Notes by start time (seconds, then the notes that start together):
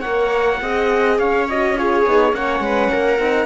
0.00 A#3 A#4 C#5 F#5
0.61 C4 G#4 D#5
1.18 C#4 C#5 F5
1.49 F#4 D#5
1.76 F4 G#4 C#5
2.05 B3 D#4
2.32 A#3 C#4 C#5 F#5
2.59 G#3 B4
2.91 A#3 A#4
3.18 C4 D#4